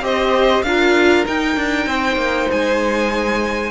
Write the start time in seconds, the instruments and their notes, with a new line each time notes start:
0.00 cello C4, viola G4, violin C5 D#5
0.62 cello D4, viola F4, violin A#4 F5
1.25 viola D#4, cello D#4, violin G5
1.56 cello D4
1.86 cello C4, violin C5
2.15 cello A#3
2.51 cello G#3, violin G#5